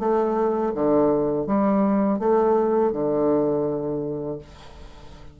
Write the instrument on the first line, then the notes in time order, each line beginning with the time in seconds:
bassoon
0.00 A3
0.75 D3
1.47 G3
2.20 A3
2.93 D3